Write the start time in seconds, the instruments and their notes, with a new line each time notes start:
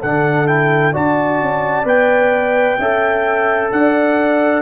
0.00 tuba D3, trombone D4, horn A4, trumpet F#5
0.47 trombone E4, trumpet G5
0.92 tuba D4, trombone F#4, horn D5, trumpet A5
1.41 tuba C#4
1.84 tuba B3, trombone B4, trumpet G5
2.78 tuba C#4, trombone A4, horn E5
3.71 tuba D4, horn D5, trumpet F#5